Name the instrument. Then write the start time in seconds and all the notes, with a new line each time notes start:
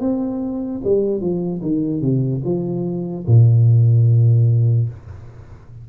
tuba
0.00 C4
0.84 G3
1.21 F3
1.61 D#3
2.01 C3
2.44 F3
3.27 A#2